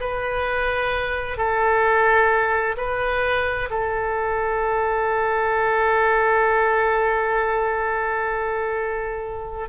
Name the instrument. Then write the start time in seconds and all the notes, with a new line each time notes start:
oboe
0.00 B4
1.37 A4
2.77 B4
3.70 A4